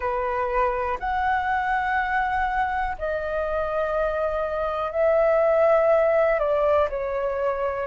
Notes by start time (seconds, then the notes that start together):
0.00 B4
0.99 F#5
2.98 D#5
4.91 E5
6.39 D5
6.89 C#5